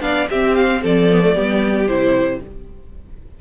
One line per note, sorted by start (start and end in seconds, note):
0.00 0.27 B3
0.00 0.26 D4
0.00 0.29 D5
0.00 0.28 F5
0.29 0.83 C4
0.29 1.11 C4
0.29 0.81 G4
0.29 0.55 E5
0.55 0.82 F5
0.82 1.36 F3
0.82 1.34 A4
0.82 1.87 D5
1.11 1.21 B3
1.21 1.34 A3
1.34 1.87 G3
1.34 1.87 B3
1.34 2.39 G4
1.87 2.39 C3
1.87 2.41 E4
1.87 2.40 C5